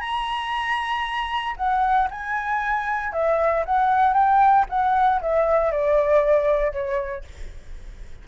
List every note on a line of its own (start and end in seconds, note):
0.00 1.55 A#5
1.56 2.08 F#5
2.10 3.13 G#5
3.13 3.64 E5
3.65 4.14 F#5
4.14 4.65 G5
4.69 5.21 F#5
5.21 5.71 E5
5.71 6.72 D5
6.72 7.24 C#5